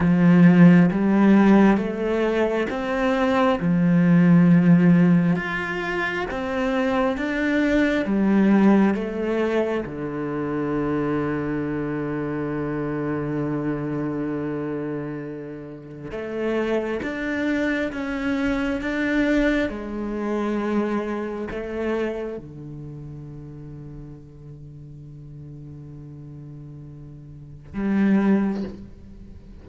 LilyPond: \new Staff \with { instrumentName = "cello" } { \time 4/4 \tempo 4 = 67 f4 g4 a4 c'4 | f2 f'4 c'4 | d'4 g4 a4 d4~ | d1~ |
d2 a4 d'4 | cis'4 d'4 gis2 | a4 d2.~ | d2. g4 | }